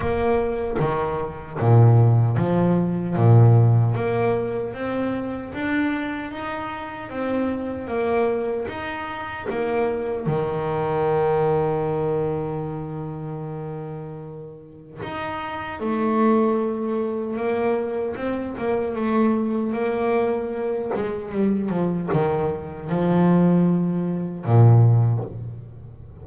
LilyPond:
\new Staff \with { instrumentName = "double bass" } { \time 4/4 \tempo 4 = 76 ais4 dis4 ais,4 f4 | ais,4 ais4 c'4 d'4 | dis'4 c'4 ais4 dis'4 | ais4 dis2.~ |
dis2. dis'4 | a2 ais4 c'8 ais8 | a4 ais4. gis8 g8 f8 | dis4 f2 ais,4 | }